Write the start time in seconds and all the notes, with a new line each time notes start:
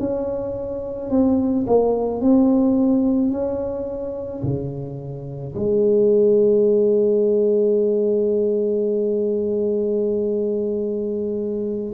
0.00 C#4
1.10 C4
1.67 A#3
2.21 C4
3.32 C#4
4.43 C#3
5.55 G#3